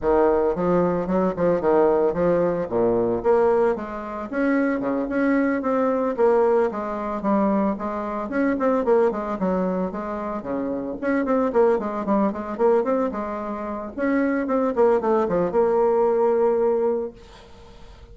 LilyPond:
\new Staff \with { instrumentName = "bassoon" } { \time 4/4 \tempo 4 = 112 dis4 f4 fis8 f8 dis4 | f4 ais,4 ais4 gis4 | cis'4 cis8 cis'4 c'4 ais8~ | ais8 gis4 g4 gis4 cis'8 |
c'8 ais8 gis8 fis4 gis4 cis8~ | cis8 cis'8 c'8 ais8 gis8 g8 gis8 ais8 | c'8 gis4. cis'4 c'8 ais8 | a8 f8 ais2. | }